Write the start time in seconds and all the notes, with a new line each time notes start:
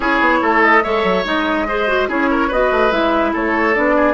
0.00 C#4 E4 G#4 C#5
0.20 B3
0.42 A3 A4
0.62 D#5
0.82 G#3 A4 C#5 E5
1.03 F#3
1.24 G#3 D#4 D#5
1.68 G#4 C5
1.87 F#4
2.08 C#4 E4 G#4 C#5
2.30 A#4
2.48 B3 F#4 B4 D#5
2.71 A3
2.90 G#3 E4 E5
3.33 A3 A4 C#5
3.73 B3 D4 D5
3.96 G#4